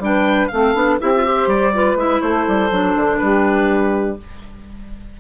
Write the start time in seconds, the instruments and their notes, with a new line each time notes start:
0.00 bassoon G3, clarinet D4, saxophone B4, oboe G5
0.48 bassoon A3, clarinet C4, saxophone A4, oboe F5
0.74 bassoon B3, clarinet D4
1.00 bassoon C4, clarinet E4, saxophone G4, oboe E5
1.15 clarinet F4
1.25 clarinet G4, saxophone C5
1.47 bassoon G3, oboe D5
1.74 clarinet F4, saxophone B4
1.95 bassoon G#3, clarinet E4, oboe E5
2.21 bassoon A3, saxophone A4, oboe C5
2.48 bassoon G3
2.71 bassoon F#3, clarinet D4
2.96 bassoon D3
3.18 bassoon G3, saxophone G4, oboe B4